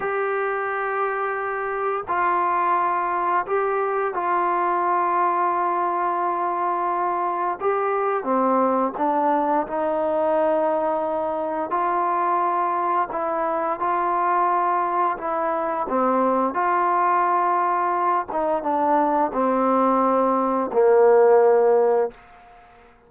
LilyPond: \new Staff \with { instrumentName = "trombone" } { \time 4/4 \tempo 4 = 87 g'2. f'4~ | f'4 g'4 f'2~ | f'2. g'4 | c'4 d'4 dis'2~ |
dis'4 f'2 e'4 | f'2 e'4 c'4 | f'2~ f'8 dis'8 d'4 | c'2 ais2 | }